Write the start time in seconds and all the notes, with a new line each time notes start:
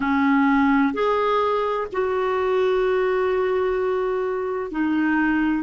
0.00 C#4
0.93 G#4
1.92 F#4
4.71 D#4